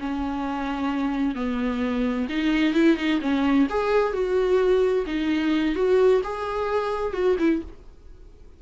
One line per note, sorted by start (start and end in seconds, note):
0.00 1.36 C#4
1.36 2.28 B3
2.30 2.74 D#4
2.74 2.97 E4
2.97 3.20 D#4
3.21 3.68 C#4
3.70 4.13 G#4
4.13 5.05 F#4
5.07 5.76 D#4
5.76 6.22 F#4
6.24 7.13 G#4
7.13 7.37 F#4
7.39 7.62 E4